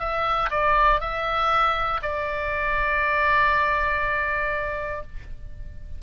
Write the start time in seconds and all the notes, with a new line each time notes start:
0.00 E5
0.51 D5
1.01 E5
2.03 D5